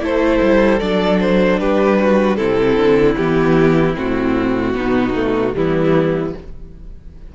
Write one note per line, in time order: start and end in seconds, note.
0.00 0.40 A3
0.00 0.79 E4
0.00 1.60 A4
0.00 0.80 C5
0.42 0.81 G3
0.80 1.60 F#3
0.80 2.38 D4
0.80 1.20 D5
1.20 1.60 C5
1.60 2.39 G3
1.60 1.99 G4
1.60 2.36 B4
2.01 2.38 F#4
2.36 2.77 C3
2.36 3.17 C4
2.36 4.75 E4
2.36 3.15 A4
2.77 3.16 D3
3.17 3.97 E3
3.17 3.95 B3
3.17 3.96 G4
3.95 4.75 A2
3.95 4.74 C4
3.95 5.56 F#4
4.74 5.55 B2
4.74 5.14 B3
4.74 5.55 D#4
5.15 5.54 A3
5.54 6.34 E3
5.54 6.33 G3
5.54 6.36 B3
5.54 6.35 E4